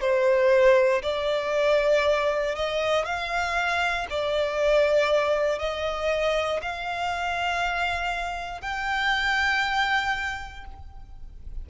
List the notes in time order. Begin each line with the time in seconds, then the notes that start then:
0.00 C5
1.02 D5
2.55 D#5
3.05 F5
4.10 D5
5.58 D#5
6.61 F5
8.61 G5